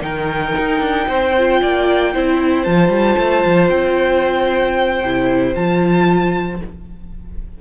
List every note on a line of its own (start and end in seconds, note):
0.00 0.54 D#3
0.00 1.32 D#4
0.00 1.07 A#4
0.00 2.63 G5
0.58 0.80 D#4
0.80 1.06 D4
1.07 1.61 C4
1.07 1.60 C5
1.37 2.13 F4
1.61 2.14 A#3
1.61 2.13 D5
2.13 2.66 C4
2.13 2.65 E4
2.13 6.61 C5
2.63 2.88 F3
2.63 5.02 F4
2.63 3.68 A5
2.88 3.15 G3
3.18 3.44 A3
3.45 3.69 F3
3.69 5.01 C4
3.69 5.53 G5
5.02 5.54 C3
5.02 5.54 E4
5.54 6.61 F3
5.54 6.59 F4
5.54 6.60 A5